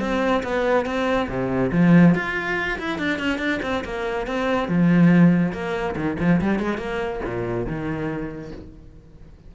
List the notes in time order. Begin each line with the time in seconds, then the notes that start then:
0.00 C4
0.43 B3
0.85 C4
1.29 C3
1.72 F3
2.15 F4
2.79 E4
2.98 D4
3.19 C#4
3.38 D4
3.62 C4
3.85 A#3
4.26 C4
4.68 F3
5.52 A#3
5.96 D#3
6.19 F3
6.41 G3
6.59 G#3
6.78 A#3
7.25 A#2
7.67 D#3